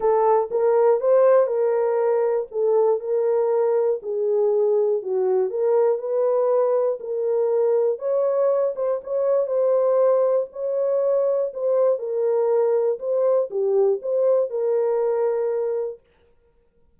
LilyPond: \new Staff \with { instrumentName = "horn" } { \time 4/4 \tempo 4 = 120 a'4 ais'4 c''4 ais'4~ | ais'4 a'4 ais'2 | gis'2 fis'4 ais'4 | b'2 ais'2 |
cis''4. c''8 cis''4 c''4~ | c''4 cis''2 c''4 | ais'2 c''4 g'4 | c''4 ais'2. | }